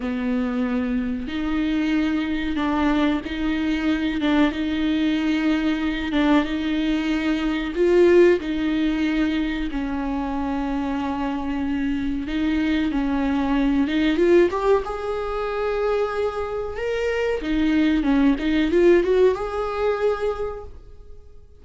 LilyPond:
\new Staff \with { instrumentName = "viola" } { \time 4/4 \tempo 4 = 93 b2 dis'2 | d'4 dis'4. d'8 dis'4~ | dis'4. d'8 dis'2 | f'4 dis'2 cis'4~ |
cis'2. dis'4 | cis'4. dis'8 f'8 g'8 gis'4~ | gis'2 ais'4 dis'4 | cis'8 dis'8 f'8 fis'8 gis'2 | }